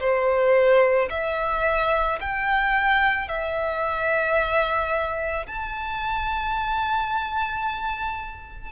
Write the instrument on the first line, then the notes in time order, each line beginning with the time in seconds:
violin
0.00 C5
1.10 E5
2.21 G5
3.28 E5
5.47 A5